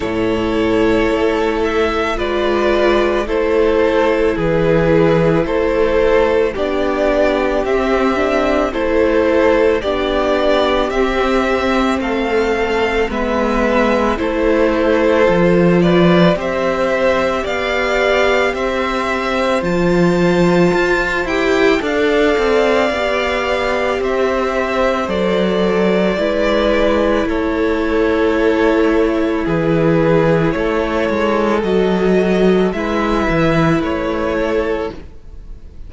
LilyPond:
<<
  \new Staff \with { instrumentName = "violin" } { \time 4/4 \tempo 4 = 55 cis''4. e''8 d''4 c''4 | b'4 c''4 d''4 e''4 | c''4 d''4 e''4 f''4 | e''4 c''4. d''8 e''4 |
f''4 e''4 a''4. g''8 | f''2 e''4 d''4~ | d''4 cis''2 b'4 | cis''4 dis''4 e''4 cis''4 | }
  \new Staff \with { instrumentName = "violin" } { \time 4/4 a'2 b'4 a'4 | gis'4 a'4 g'2 | a'4 g'2 a'4 | b'4 a'4. b'8 c''4 |
d''4 c''2. | d''2 c''2 | b'4 a'2 gis'4 | a'2 b'4. a'8 | }
  \new Staff \with { instrumentName = "viola" } { \time 4/4 e'2 f'4 e'4~ | e'2 d'4 c'8 d'8 | e'4 d'4 c'2 | b4 e'4 f'4 g'4~ |
g'2 f'4. g'8 | a'4 g'2 a'4 | e'1~ | e'4 fis'4 e'2 | }
  \new Staff \with { instrumentName = "cello" } { \time 4/4 a,4 a4 gis4 a4 | e4 a4 b4 c'4 | a4 b4 c'4 a4 | gis4 a4 f4 c'4 |
b4 c'4 f4 f'8 e'8 | d'8 c'8 b4 c'4 fis4 | gis4 a2 e4 | a8 gis8 fis4 gis8 e8 a4 | }
>>